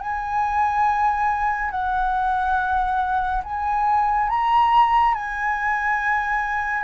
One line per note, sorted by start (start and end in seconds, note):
0.00 1.71 G#5
1.71 3.42 F#5
3.44 4.29 G#5
4.29 5.14 A#5
5.14 6.83 G#5